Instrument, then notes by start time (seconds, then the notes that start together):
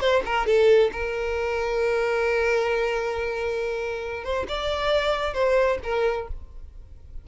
violin
0.00 C5
0.25 A#4
0.46 A4
0.92 A#4
4.24 C5
4.48 D5
5.34 C5
5.83 A#4